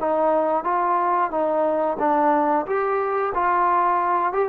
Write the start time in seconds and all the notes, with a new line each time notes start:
0.00 D#4
0.64 F4
1.30 D#4
1.99 D4
2.66 G4
3.34 F4
4.33 G4